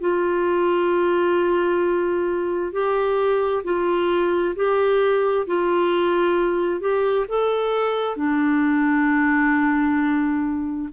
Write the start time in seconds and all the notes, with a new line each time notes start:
0.00 F4
2.72 G4
3.64 F4
4.55 G4
5.47 F4
6.80 G4
7.28 A4
8.16 D4